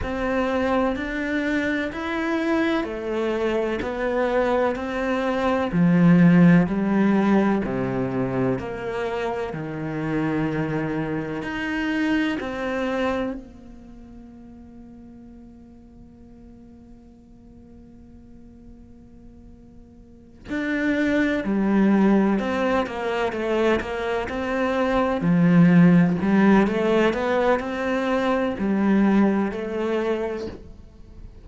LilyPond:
\new Staff \with { instrumentName = "cello" } { \time 4/4 \tempo 4 = 63 c'4 d'4 e'4 a4 | b4 c'4 f4 g4 | c4 ais4 dis2 | dis'4 c'4 ais2~ |
ais1~ | ais4. d'4 g4 c'8 | ais8 a8 ais8 c'4 f4 g8 | a8 b8 c'4 g4 a4 | }